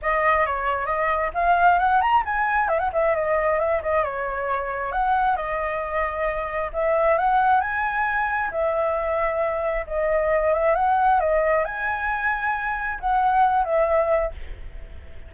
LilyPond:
\new Staff \with { instrumentName = "flute" } { \time 4/4 \tempo 4 = 134 dis''4 cis''4 dis''4 f''4 | fis''8 ais''8 gis''4 e''16 fis''16 e''8 dis''4 | e''8 dis''8 cis''2 fis''4 | dis''2. e''4 |
fis''4 gis''2 e''4~ | e''2 dis''4. e''8 | fis''4 dis''4 gis''2~ | gis''4 fis''4. e''4. | }